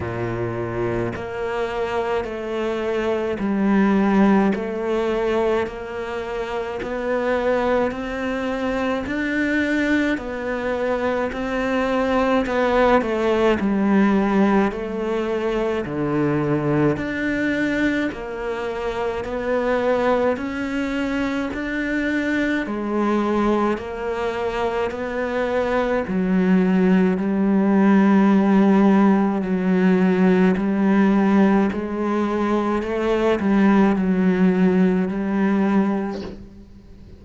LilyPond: \new Staff \with { instrumentName = "cello" } { \time 4/4 \tempo 4 = 53 ais,4 ais4 a4 g4 | a4 ais4 b4 c'4 | d'4 b4 c'4 b8 a8 | g4 a4 d4 d'4 |
ais4 b4 cis'4 d'4 | gis4 ais4 b4 fis4 | g2 fis4 g4 | gis4 a8 g8 fis4 g4 | }